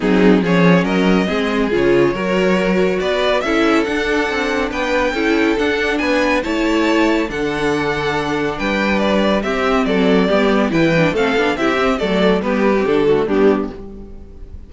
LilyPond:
<<
  \new Staff \with { instrumentName = "violin" } { \time 4/4 \tempo 4 = 140 gis'4 cis''4 dis''2 | cis''2. d''4 | e''4 fis''2 g''4~ | g''4 fis''4 gis''4 a''4~ |
a''4 fis''2. | g''4 d''4 e''4 d''4~ | d''4 g''4 f''4 e''4 | d''4 b'4 a'4 g'4 | }
  \new Staff \with { instrumentName = "violin" } { \time 4/4 dis'4 gis'4 ais'4 gis'4~ | gis'4 ais'2 b'4 | a'2. b'4 | a'2 b'4 cis''4~ |
cis''4 a'2. | b'2 g'4 a'4 | g'4 b'4 a'4 g'4 | a'4 g'4. fis'8 d'4 | }
  \new Staff \with { instrumentName = "viola" } { \time 4/4 c'4 cis'2 c'4 | f'4 fis'2. | e'4 d'2. | e'4 d'2 e'4~ |
e'4 d'2.~ | d'2 c'2 | b4 e'8 d'8 c'8 d'8 e'8 c'8 | a4 b8. c'16 d'8 a8 b4 | }
  \new Staff \with { instrumentName = "cello" } { \time 4/4 fis4 f4 fis4 gis4 | cis4 fis2 b4 | cis'4 d'4 c'4 b4 | cis'4 d'4 b4 a4~ |
a4 d2. | g2 c'4 fis4 | g4 e4 a8 b8 c'4 | fis4 g4 d4 g4 | }
>>